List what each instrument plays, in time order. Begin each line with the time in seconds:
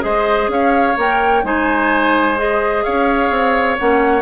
0.00 bassoon G#3, clarinet G#4, oboe C5, flute D#5
0.48 bassoon C#4, oboe C#5, flute F5
0.97 bassoon A#3, clarinet A#4, flute G5
1.43 bassoon G#3, clarinet D#4, oboe C5, flute G#5
2.36 clarinet G#4, flute D#5
2.83 bassoon C#4, oboe C#5, flute F5
3.29 bassoon C4
3.78 bassoon A#3, clarinet C#4, flute F#5